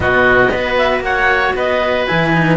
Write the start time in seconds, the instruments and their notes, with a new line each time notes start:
0.00 cello B2 B3, oboe F#4, clarinet D#5
0.49 cello B3 F#4, oboe B4
0.77 clarinet E5
1.00 cello A#3, oboe C#5, clarinet F#5
1.55 cello B3, oboe B4, clarinet D#5
2.07 cello E3 E4, clarinet G#5
2.33 cello D#4